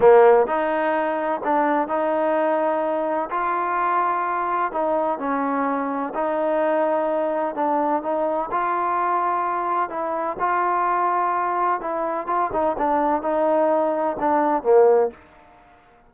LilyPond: \new Staff \with { instrumentName = "trombone" } { \time 4/4 \tempo 4 = 127 ais4 dis'2 d'4 | dis'2. f'4~ | f'2 dis'4 cis'4~ | cis'4 dis'2. |
d'4 dis'4 f'2~ | f'4 e'4 f'2~ | f'4 e'4 f'8 dis'8 d'4 | dis'2 d'4 ais4 | }